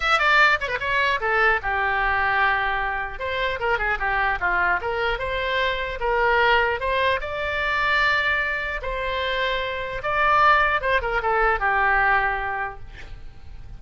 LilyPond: \new Staff \with { instrumentName = "oboe" } { \time 4/4 \tempo 4 = 150 e''8 d''4 cis''16 b'16 cis''4 a'4 | g'1 | c''4 ais'8 gis'8 g'4 f'4 | ais'4 c''2 ais'4~ |
ais'4 c''4 d''2~ | d''2 c''2~ | c''4 d''2 c''8 ais'8 | a'4 g'2. | }